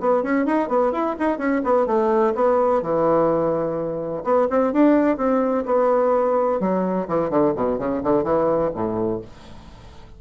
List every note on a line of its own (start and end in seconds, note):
0.00 0.23 B3
0.23 0.46 C#4
0.46 0.69 D#4
0.69 0.92 B3
0.92 1.16 E4
1.19 1.38 D#4
1.38 1.62 C#4
1.64 1.87 B3
1.87 2.34 A3
2.35 2.82 B3
2.82 4.24 E3
4.24 4.48 B3
4.50 4.73 C4
4.73 5.18 D4
5.18 5.65 C4
5.66 6.60 B3
6.60 7.08 F#3
7.08 7.30 E3
7.30 7.54 D3
7.56 7.79 B2
7.79 8.02 C#3
8.04 8.24 D3
8.24 8.71 E3
8.74 9.22 A2